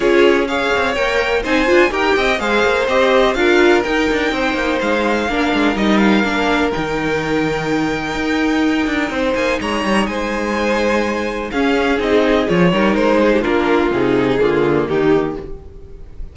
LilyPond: <<
  \new Staff \with { instrumentName = "violin" } { \time 4/4 \tempo 4 = 125 cis''4 f''4 g''4 gis''4 | g''4 f''4 dis''4 f''4 | g''2 f''2 | dis''8 f''4. g''2~ |
g''2.~ g''8 gis''8 | ais''4 gis''2. | f''4 dis''4 cis''4 c''4 | ais'4 gis'2 g'4 | }
  \new Staff \with { instrumentName = "violin" } { \time 4/4 gis'4 cis''2 c''4 | ais'8 dis''8 c''2 ais'4~ | ais'4 c''2 ais'4~ | ais'1~ |
ais'2. c''4 | cis''4 c''2. | gis'2~ gis'8 ais'4 gis'16 g'16 | f'4.~ f'16 dis'16 f'4 dis'4 | }
  \new Staff \with { instrumentName = "viola" } { \time 4/4 f'4 gis'4 ais'4 dis'8 f'8 | g'4 gis'4 g'4 f'4 | dis'2. d'4 | dis'4 d'4 dis'2~ |
dis'1~ | dis'1 | cis'4 dis'4 f'8 dis'4. | d'4 dis'4 ais2 | }
  \new Staff \with { instrumentName = "cello" } { \time 4/4 cis'4. c'8 ais4 c'8 d'8 | dis'8 c'8 gis8 ais8 c'4 d'4 | dis'8 d'8 c'8 ais8 gis4 ais8 gis8 | g4 ais4 dis2~ |
dis4 dis'4. d'8 c'8 ais8 | gis8 g8 gis2. | cis'4 c'4 f8 g8 gis4 | ais4 c4 d4 dis4 | }
>>